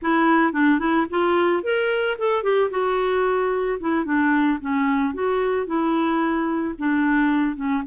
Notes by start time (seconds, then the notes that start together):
0.01 E4
0.53 D4
0.79 E4
1.10 F4
1.63 A#4
2.18 A4
2.43 G4
2.70 F#4
3.80 E4
4.04 D4
4.60 C#4
5.14 F#4
5.66 E4
6.78 D4
7.56 C#4